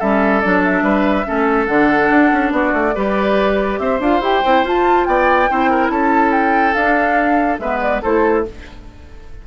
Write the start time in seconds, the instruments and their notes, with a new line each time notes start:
0.00 bassoon G3, clarinet C#4, oboe A4, flute E5
0.41 bassoon F#3, clarinet D4, flute D5
0.64 flute E5
0.83 bassoon G3, oboe B4
1.25 bassoon A3, clarinet C#4, oboe A4
1.67 bassoon D3, clarinet D4, flute F#5
2.10 bassoon D4
2.33 bassoon C#4
2.52 bassoon B3, oboe F#4, flute D5
2.74 bassoon A3
2.95 bassoon G3, clarinet G4, oboe B4
3.79 bassoon C4, oboe C5, flute E5
4.00 bassoon D4, clarinet F4, flute F5
4.21 bassoon E4, clarinet G4, flute G5
4.45 bassoon C4, clarinet E4
4.64 bassoon F4, clarinet F4, flute A5
5.05 bassoon B3, oboe D5, flute G5
5.50 bassoon C4, clarinet E4, oboe C5
5.71 oboe A#4
5.90 bassoon C#4, oboe A4, flute A5
6.32 flute G5
6.74 bassoon D4, clarinet D4, flute F5
7.59 bassoon G#3, clarinet B3, oboe B4, flute E5
7.81 flute D5
8.02 bassoon A3, clarinet E4, oboe A4, flute C5